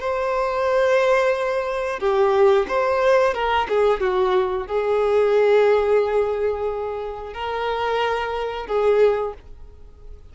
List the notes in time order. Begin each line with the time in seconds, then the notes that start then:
0.00 C5
1.99 G4
2.68 C5
3.34 A#4
3.69 G#4
4.00 F#4
4.67 G#4
7.34 A#4
8.67 G#4